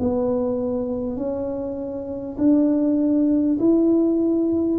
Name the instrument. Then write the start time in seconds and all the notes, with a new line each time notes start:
tuba
0.00 B3
1.17 C#4
2.39 D4
3.60 E4